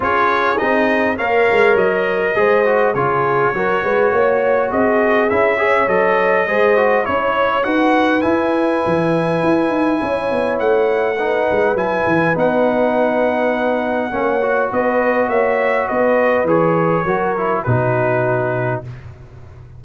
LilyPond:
<<
  \new Staff \with { instrumentName = "trumpet" } { \time 4/4 \tempo 4 = 102 cis''4 dis''4 f''4 dis''4~ | dis''4 cis''2. | dis''4 e''4 dis''2 | cis''4 fis''4 gis''2~ |
gis''2 fis''2 | gis''4 fis''2.~ | fis''4 dis''4 e''4 dis''4 | cis''2 b'2 | }
  \new Staff \with { instrumentName = "horn" } { \time 4/4 gis'2 cis''2 | c''4 gis'4 ais'8 b'8 cis''4 | gis'4. cis''4. c''4 | cis''4 b'2.~ |
b'4 cis''2 b'4~ | b'1 | cis''4 b'4 cis''4 b'4~ | b'4 ais'4 fis'2 | }
  \new Staff \with { instrumentName = "trombone" } { \time 4/4 f'4 dis'4 ais'2 | gis'8 fis'8 f'4 fis'2~ | fis'4 e'8 gis'8 a'4 gis'8 fis'8 | e'4 fis'4 e'2~ |
e'2. dis'4 | e'4 dis'2. | cis'8 fis'2.~ fis'8 | gis'4 fis'8 e'8 dis'2 | }
  \new Staff \with { instrumentName = "tuba" } { \time 4/4 cis'4 c'4 ais8 gis8 fis4 | gis4 cis4 fis8 gis8 ais4 | c'4 cis'4 fis4 gis4 | cis'4 dis'4 e'4 e4 |
e'8 dis'8 cis'8 b8 a4. gis8 | fis8 e8 b2. | ais4 b4 ais4 b4 | e4 fis4 b,2 | }
>>